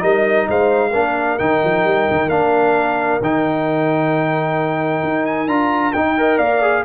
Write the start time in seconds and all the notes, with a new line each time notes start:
0.00 G3 D#4 A#4 D#5
0.49 G#3 C5 F5
0.90 A#3 D4 A#4
1.39 D#3 D#4 G5
1.64 F3
1.84 G3
2.11 D#3
2.28 A#3 D4 F5
3.21 D#3 D#4 G5
5.03 D#4
5.26 G#5
5.48 D4 F4 A#5
5.93 D#4 G5
6.18 A#4 D#5
6.38 A#3 D5 F5
6.62 G#4